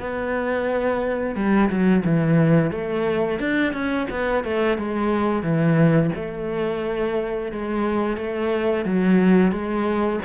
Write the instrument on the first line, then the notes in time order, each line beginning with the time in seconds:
cello
0.00 B3
1.36 G3
1.70 F#3
2.05 E3
2.71 A3
3.40 D4
3.73 C#4
4.11 B3
4.44 A3
4.78 G#3
5.43 E3
6.15 A3
7.52 G#3
8.17 A3
8.85 F#3
9.52 G#3